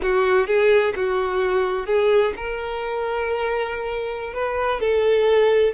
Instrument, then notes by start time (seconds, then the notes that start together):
violin
0.02 F#4
0.46 G#4
0.95 F#4
1.86 G#4
2.36 A#4
4.33 B4
4.80 A4